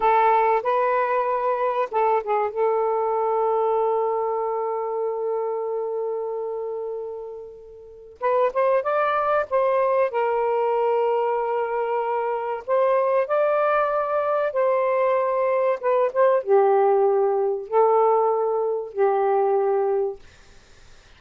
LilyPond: \new Staff \with { instrumentName = "saxophone" } { \time 4/4 \tempo 4 = 95 a'4 b'2 a'8 gis'8 | a'1~ | a'1~ | a'4 b'8 c''8 d''4 c''4 |
ais'1 | c''4 d''2 c''4~ | c''4 b'8 c''8 g'2 | a'2 g'2 | }